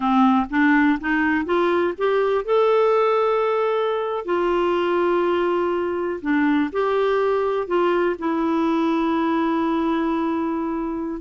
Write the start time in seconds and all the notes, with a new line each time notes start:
0.00 C4
0.50 D4
1.00 D#4
1.45 F4
1.97 G4
2.45 A4
4.25 F4
6.21 D4
6.72 G4
7.67 F4
8.19 E4